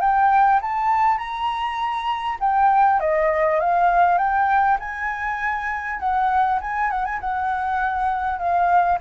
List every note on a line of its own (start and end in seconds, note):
0.00 0.60 G5
0.61 1.18 A5
1.18 2.38 A#5
2.40 3.00 G5
3.00 3.60 D#5
3.60 4.18 F5
4.18 4.78 G5
4.79 5.99 G#5
5.99 6.59 F#5
6.61 6.90 G#5
6.90 7.05 F#5
7.05 7.20 G#5
7.20 8.38 F#5
8.38 8.98 F5